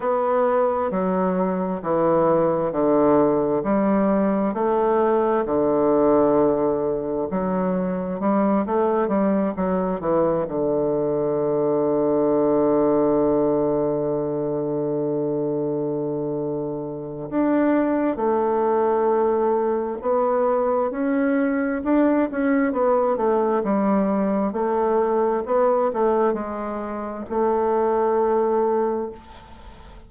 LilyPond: \new Staff \with { instrumentName = "bassoon" } { \time 4/4 \tempo 4 = 66 b4 fis4 e4 d4 | g4 a4 d2 | fis4 g8 a8 g8 fis8 e8 d8~ | d1~ |
d2. d'4 | a2 b4 cis'4 | d'8 cis'8 b8 a8 g4 a4 | b8 a8 gis4 a2 | }